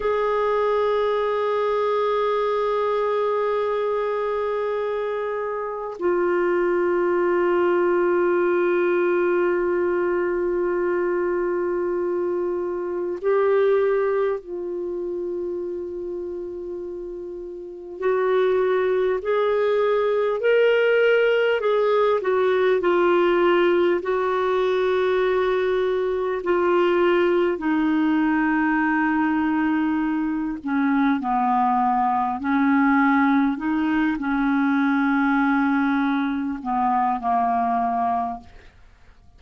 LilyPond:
\new Staff \with { instrumentName = "clarinet" } { \time 4/4 \tempo 4 = 50 gis'1~ | gis'4 f'2.~ | f'2. g'4 | f'2. fis'4 |
gis'4 ais'4 gis'8 fis'8 f'4 | fis'2 f'4 dis'4~ | dis'4. cis'8 b4 cis'4 | dis'8 cis'2 b8 ais4 | }